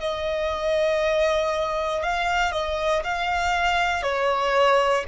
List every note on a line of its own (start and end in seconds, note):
0.00 2.03 D#5
2.03 2.52 F5
2.52 3.03 D#5
3.04 4.03 F5
4.03 5.04 C#5